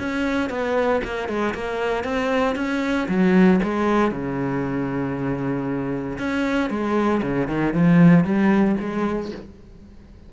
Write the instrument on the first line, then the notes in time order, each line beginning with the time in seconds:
cello
0.00 C#4
0.50 B3
1.05 A#3
1.29 G#3
1.55 A#3
2.05 C4
2.56 C#4
3.09 F#3
3.64 G#3
4.11 C#3
6.19 C#4
6.71 G#3
7.23 C#3
7.48 D#3
7.74 F3
8.25 G3
8.80 G#3